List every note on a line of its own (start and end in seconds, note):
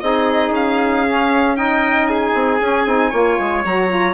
0.00 0.50 C4
0.00 1.05 D#4
0.00 1.58 G#4
0.00 0.52 D#5
0.50 2.31 C#4
0.50 1.56 F5
1.06 1.56 C#4
1.56 2.59 D#4
1.56 2.09 D#5
1.56 2.06 G5
2.06 3.10 G#4
2.06 3.62 G#5
2.33 2.59 C4
2.60 2.85 C#4
2.60 2.86 C#4
2.85 3.11 C4
2.85 3.11 D#4
3.10 3.38 A#3
3.10 3.63 F4
3.10 4.13 C#5
3.39 3.64 G#3
3.64 4.13 F#3
3.64 3.88 F#4
3.64 4.13 A#5
3.88 4.13 F4